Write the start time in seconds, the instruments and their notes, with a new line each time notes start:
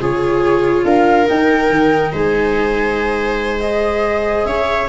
0.00 tuba C#3, viola F4 G#4, flute C#5
0.85 tuba D4, viola A#4, flute F5
1.27 viola D#4, tuba D#4, flute G5
1.70 tuba D#3
2.13 tuba G#3, viola C5, flute G#5
3.60 viola G#4, flute D#5
4.45 tuba C#4, viola C#5, flute E5